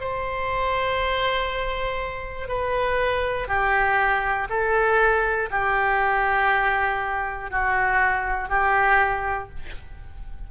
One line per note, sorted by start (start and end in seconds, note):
0.00 2.48 C5
2.48 3.48 B4
3.48 4.48 G4
4.50 5.50 A4
5.51 7.51 G4
7.51 8.49 F#4
8.49 9.49 G4